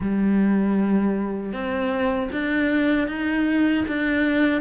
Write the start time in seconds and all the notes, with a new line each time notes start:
0.00 G3
1.52 C4
2.31 D4
3.07 D#4
3.87 D4